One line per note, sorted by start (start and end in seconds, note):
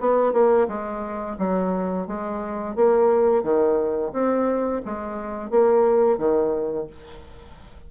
0.00 0.33 B3
0.33 0.67 A#3
0.68 1.37 G#3
1.38 2.07 F#3
2.07 2.76 G#3
2.76 3.43 A#3
3.43 4.12 D#3
4.13 4.82 C4
4.85 5.50 G#3
5.50 6.18 A#3
6.18 6.87 D#3